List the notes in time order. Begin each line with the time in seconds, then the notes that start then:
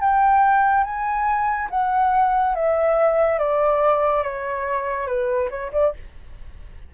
0.00 G5
0.84 G#5
1.70 F#5
2.55 E5
3.38 D5
4.23 C#5
5.07 B4
5.50 C#5
5.72 D5